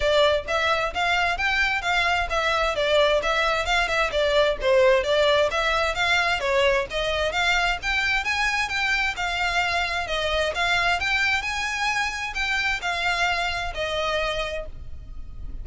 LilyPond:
\new Staff \with { instrumentName = "violin" } { \time 4/4 \tempo 4 = 131 d''4 e''4 f''4 g''4 | f''4 e''4 d''4 e''4 | f''8 e''8 d''4 c''4 d''4 | e''4 f''4 cis''4 dis''4 |
f''4 g''4 gis''4 g''4 | f''2 dis''4 f''4 | g''4 gis''2 g''4 | f''2 dis''2 | }